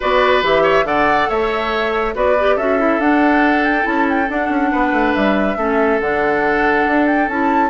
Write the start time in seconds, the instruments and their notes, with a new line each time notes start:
0.00 bassoon B3, clarinet F#4, oboe B4, flute D5
0.42 bassoon E3, clarinet G4, flute E5
0.62 oboe C#5
0.84 bassoon D3, clarinet A4, oboe D5, flute F#5
1.28 bassoon A3, oboe C#5, flute E5
2.14 bassoon B3, clarinet F#4, oboe B4, flute D5
2.39 clarinet G4
2.55 bassoon C#4, clarinet F#4, oboe A4, flute E5
2.78 clarinet E4
2.98 bassoon D4, clarinet D4, flute F#5
3.64 flute G5
3.82 bassoon C#4, clarinet E4, flute A5
4.09 flute G5
4.29 bassoon D4, clarinet D4, flute F#5
4.49 bassoon C#4
4.71 bassoon B3, oboe B4
4.92 bassoon A3
5.14 bassoon G3, flute E5
5.56 bassoon A3, clarinet C#4, oboe A4
6.00 bassoon D3, clarinet D4, flute F#5
6.86 bassoon D4
7.06 flute G5
7.28 bassoon C#4, clarinet E4, flute A5